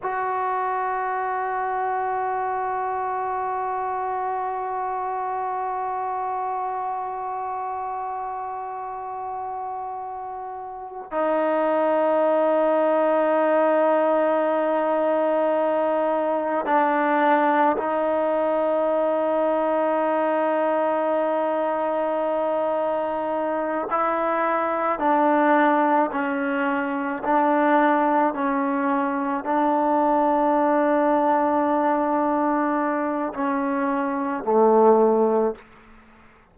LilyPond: \new Staff \with { instrumentName = "trombone" } { \time 4/4 \tempo 4 = 54 fis'1~ | fis'1~ | fis'2 dis'2~ | dis'2. d'4 |
dis'1~ | dis'4. e'4 d'4 cis'8~ | cis'8 d'4 cis'4 d'4.~ | d'2 cis'4 a4 | }